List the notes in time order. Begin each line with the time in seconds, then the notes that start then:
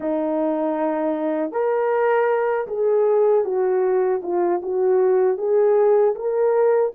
0.00 D#4
1.51 A#4
2.67 G#4
3.44 F#4
4.22 F4
4.62 F#4
5.37 G#4
6.15 A#4